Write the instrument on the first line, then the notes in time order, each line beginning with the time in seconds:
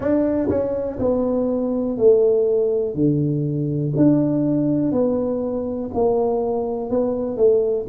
tuba
0.00 D4
0.49 C#4
0.99 B3
1.97 A3
2.94 D3
3.96 D4
4.92 B3
5.94 A#3
6.89 B3
7.36 A3